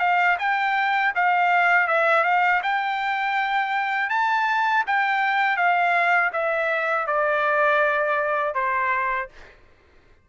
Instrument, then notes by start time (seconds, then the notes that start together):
trumpet
0.00 F5
0.39 G5
1.16 F5
1.88 E5
2.25 F5
2.63 G5
4.10 A5
4.88 G5
5.57 F5
6.33 E5
7.07 D5
8.55 C5